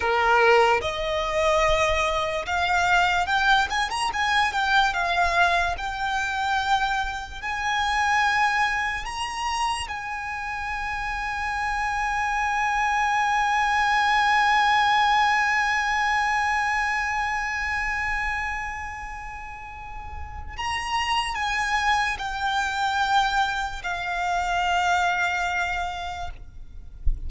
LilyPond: \new Staff \with { instrumentName = "violin" } { \time 4/4 \tempo 4 = 73 ais'4 dis''2 f''4 | g''8 gis''16 ais''16 gis''8 g''8 f''4 g''4~ | g''4 gis''2 ais''4 | gis''1~ |
gis''1~ | gis''1~ | gis''4 ais''4 gis''4 g''4~ | g''4 f''2. | }